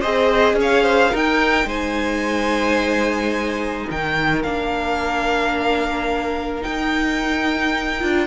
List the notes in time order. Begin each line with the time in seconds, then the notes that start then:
0.00 C4 G#4 C5 D#5
0.53 C#4
0.60 C#5 F5
0.83 C5
1.10 D#4 A#4 G5
1.64 G#3 C5 G#5
3.86 D#3 A#4 G5
4.42 A#3 D4 F5
6.61 D#4 G5
7.99 D4 F4